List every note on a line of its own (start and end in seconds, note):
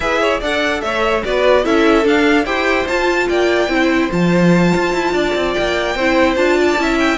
0.00 0.40 E4
0.00 0.42 G#4
0.00 0.21 B4
0.00 0.41 E5
0.21 0.40 C#5
0.40 0.82 D4
0.40 1.24 A4
0.40 0.81 D5
0.40 0.81 F#5
0.81 1.23 A3
0.81 1.24 C#5
0.81 1.22 E5
1.24 1.65 B3
1.24 1.63 F#4
1.24 1.64 B4
1.24 1.65 D5
1.63 2.05 C#4
1.63 2.03 E4
1.63 2.44 A4
1.63 2.06 E5
2.03 2.44 D4
2.03 2.45 F5
2.44 2.85 E4
2.44 2.86 G4
2.44 3.26 C5
2.44 2.86 G5
2.87 3.29 F4
2.87 3.68 F4
2.87 3.28 A5
3.28 3.68 A#3
3.28 3.70 D5
3.28 4.10 G5
3.68 4.09 C4
3.68 4.09 E4
3.68 5.14 C5
4.11 4.73 F3
4.11 5.95 F4
4.11 5.53 A5
4.75 4.92 F4
4.92 5.13 E4
5.13 5.33 D4
5.13 5.96 D5
5.35 5.55 C4
5.53 5.95 A#3
5.53 6.35 G5
5.95 6.36 C4
5.95 6.36 E4
5.95 6.58 C5
6.35 6.77 D4
6.35 6.77 F4
6.35 6.97 A5
6.61 6.81 D5
6.77 7.17 C#4
6.77 7.17 E4
6.77 7.17 E5
6.99 7.17 G5